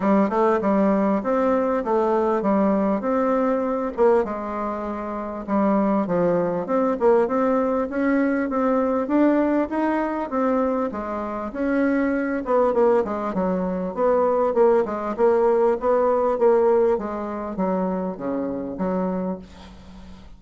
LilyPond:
\new Staff \with { instrumentName = "bassoon" } { \time 4/4 \tempo 4 = 99 g8 a8 g4 c'4 a4 | g4 c'4. ais8 gis4~ | gis4 g4 f4 c'8 ais8 | c'4 cis'4 c'4 d'4 |
dis'4 c'4 gis4 cis'4~ | cis'8 b8 ais8 gis8 fis4 b4 | ais8 gis8 ais4 b4 ais4 | gis4 fis4 cis4 fis4 | }